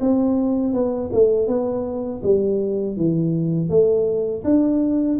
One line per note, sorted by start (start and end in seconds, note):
0.00 0.73 C4
0.73 1.10 B3
1.12 1.47 A3
1.47 2.21 B3
2.23 2.97 G3
2.97 3.69 E3
3.69 4.43 A3
4.44 5.18 D4